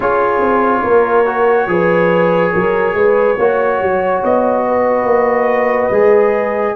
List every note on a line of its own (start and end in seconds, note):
0.00 0.40 C#4
0.00 1.25 F4
0.00 0.80 G#4
0.00 4.23 C#5
0.40 0.83 C4
0.83 1.67 A#3
0.83 1.67 A#4
1.25 1.67 F#4
1.67 2.51 F3
1.67 3.36 G#4
1.67 2.52 B4
2.52 2.93 F#3
2.52 2.95 A#4
2.93 3.36 G#3
2.93 3.37 B4
3.37 3.80 A#3
3.37 5.92 F#4
3.37 4.64 C#5
3.80 4.23 F#3
4.24 5.04 B3
4.24 6.76 D#5
4.67 6.76 B4
5.04 5.88 A#3
5.90 6.75 G#3
5.90 6.76 G#4